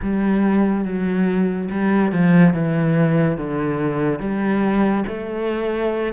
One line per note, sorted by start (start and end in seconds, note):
0.02 0.84 G3
0.84 1.69 F#3
1.71 2.12 G3
2.12 2.53 F3
2.53 3.37 E3
3.37 4.19 D3
4.19 5.04 G3
5.07 6.13 A3